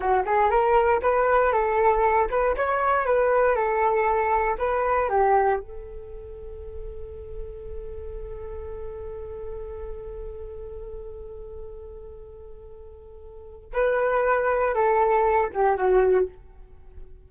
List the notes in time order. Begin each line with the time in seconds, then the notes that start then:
0.00 F#4
0.25 G#4
0.49 A#4
1.01 B4
1.52 A4
2.30 B4
2.56 C#5
3.05 B4
3.55 A4
4.58 B4
5.09 G4
5.59 A4
13.73 B4
14.74 A4
15.53 G4
15.76 F#4